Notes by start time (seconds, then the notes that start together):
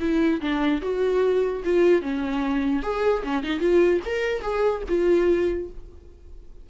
0.00 E4
0.41 D4
0.82 F#4
1.64 F4
2.02 C#4
2.82 G#4
3.23 C#4
3.43 D#4
3.60 F4
4.05 A#4
4.42 G#4
4.88 F4